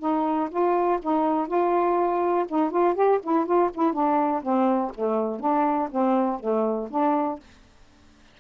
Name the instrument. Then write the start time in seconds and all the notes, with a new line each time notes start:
saxophone
0.00 D#4
0.51 F4
1.03 D#4
1.48 F4
2.49 D#4
2.71 F4
2.95 G4
3.23 E4
3.46 F4
3.74 E4
3.93 D4
4.43 C4
4.95 A3
5.40 D4
5.91 C4
6.40 A3
6.91 D4